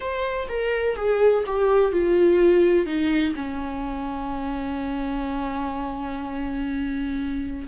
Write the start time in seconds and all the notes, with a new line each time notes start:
0.00 C5
0.48 A#4
0.96 G#4
1.46 G4
1.91 F4
2.86 D#4
3.35 C#4